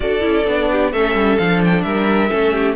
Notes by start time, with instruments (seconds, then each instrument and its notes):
0.00 cello D4, viola F#4, violin A4 D5
0.20 cello C#4, viola E4
0.47 cello B3, viola D4
0.71 violin G4
0.91 cello A3, viola C#4, violin A4 E5
1.14 cello G3
1.37 cello F3, viola D4, violin F5
1.64 violin G5
1.82 cello G3, violin A#4 E5
2.29 cello A3, viola C#4, violin A4
2.52 violin G4